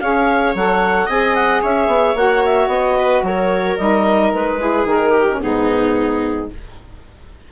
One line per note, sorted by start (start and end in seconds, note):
0.00 0.55 C#4
0.00 0.55 G#4
0.00 1.06 C#5
0.00 0.54 F5
0.55 1.08 F#3
0.55 1.09 A4
0.55 1.10 F#5
1.06 1.62 C4
1.06 2.16 G#4
1.06 1.60 D#5
1.06 1.35 G#5
1.35 1.62 F#5
1.62 1.87 C#4
1.62 2.97 C#5
1.62 2.17 E5
1.87 2.14 B3
2.15 2.68 A#3
2.15 3.78 F#4
2.15 2.44 F#5
2.45 2.69 E5
2.68 3.22 B3
2.68 3.23 D#5
2.98 3.25 B4
3.23 3.77 F#3
3.23 4.61 A#4
3.23 3.77 C#5
3.77 4.33 G3
3.77 4.59 D#4
3.77 4.32 D#5
4.33 4.85 G#3
4.33 4.87 B4
4.59 4.86 E4
4.59 5.11 G#4
4.85 5.39 D#3
4.85 5.27 D#4
4.85 5.42 A#4
5.11 5.38 G4
5.30 5.41 C#4
5.41 6.52 G#2
5.41 6.49 B3
5.41 6.51 D#4
5.41 6.50 G#4